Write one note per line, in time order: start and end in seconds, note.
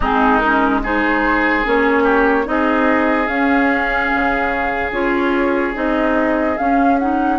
0.00 1.65 G#3
0.00 0.42 C4
0.00 0.80 D#4
0.00 0.38 G#4
0.38 0.83 C#4
0.38 0.79 A#4
0.83 1.64 D#4
0.83 2.03 G#4
0.83 1.66 C5
1.64 2.46 A#3
1.64 2.44 C#4
1.64 2.47 C#5
2.03 2.44 G4
2.44 3.27 C4
2.44 3.27 D#4
2.44 7.39 G#4
2.44 3.27 D#5
3.27 4.09 C#4
3.27 4.92 C#4
3.27 4.91 F5
4.14 4.91 C#3
4.91 5.73 C#4
4.91 5.73 F4
4.91 5.74 C#5
5.73 6.58 C4
5.73 6.56 D#4
5.73 6.57 D#5
6.57 6.99 C#4
6.57 7.39 C#4
6.57 6.98 F5
6.98 7.39 D#4
6.98 7.39 F#5